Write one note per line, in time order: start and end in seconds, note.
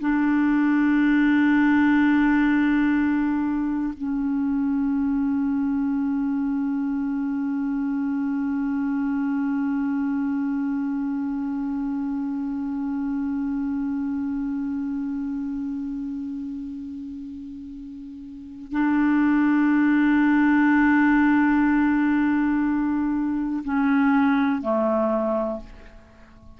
0.00 3.93 D4
3.97 18.72 C#4
18.72 23.63 D4
23.64 24.62 C#4
24.62 25.60 A3